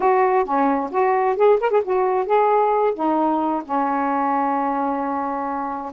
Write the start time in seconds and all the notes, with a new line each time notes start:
0.00 F#4
0.44 C#4
0.91 F#4
1.36 G#4
1.60 A#4
1.70 G#4
1.84 F#4
2.25 G#4
2.94 D#4
3.64 C#4